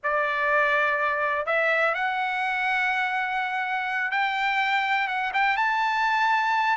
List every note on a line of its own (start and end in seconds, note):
0.03 1.46 D5
1.46 1.94 E5
1.94 4.11 F#5
4.11 5.07 G5
5.07 5.31 F#5
5.33 5.56 G5
5.56 6.77 A5